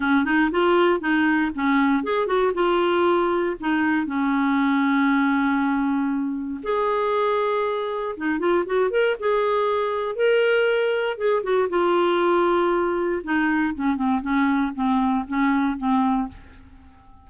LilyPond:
\new Staff \with { instrumentName = "clarinet" } { \time 4/4 \tempo 4 = 118 cis'8 dis'8 f'4 dis'4 cis'4 | gis'8 fis'8 f'2 dis'4 | cis'1~ | cis'4 gis'2. |
dis'8 f'8 fis'8 ais'8 gis'2 | ais'2 gis'8 fis'8 f'4~ | f'2 dis'4 cis'8 c'8 | cis'4 c'4 cis'4 c'4 | }